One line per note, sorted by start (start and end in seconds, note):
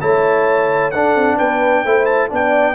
0.00 0.93 A3
0.00 0.92 E4
0.00 0.92 C#5
0.00 0.91 A5
0.91 1.15 D4
0.91 1.85 D4
0.91 1.36 A4
0.91 1.37 F#5
1.15 1.38 C4
1.36 1.85 B3
1.36 1.83 B4
1.36 2.05 G5
1.83 2.31 A3
1.83 2.29 E4
1.83 2.29 C5
2.05 2.28 A5
2.29 2.75 B3
2.29 2.75 D4
2.29 2.75 D5
2.29 2.75 G5